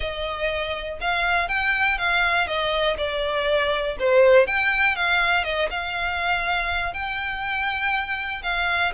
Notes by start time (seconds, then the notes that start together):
0.00 D#5
1.00 F5
1.48 G5
1.97 F5
2.47 D#5
2.97 D5
3.99 C5
4.47 G5
4.95 F5
5.43 D#5
5.70 F5
6.93 G5
8.43 F5